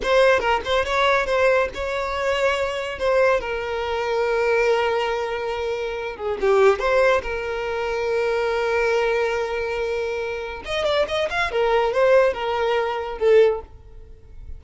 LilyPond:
\new Staff \with { instrumentName = "violin" } { \time 4/4 \tempo 4 = 141 c''4 ais'8 c''8 cis''4 c''4 | cis''2. c''4 | ais'1~ | ais'2~ ais'8 gis'8 g'4 |
c''4 ais'2.~ | ais'1~ | ais'4 dis''8 d''8 dis''8 f''8 ais'4 | c''4 ais'2 a'4 | }